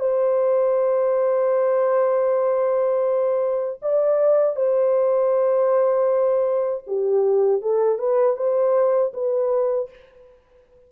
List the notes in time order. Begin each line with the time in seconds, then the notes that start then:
0.00 C5
3.82 D5
4.56 C5
6.87 G4
7.61 A4
7.98 B4
8.36 C5
9.13 B4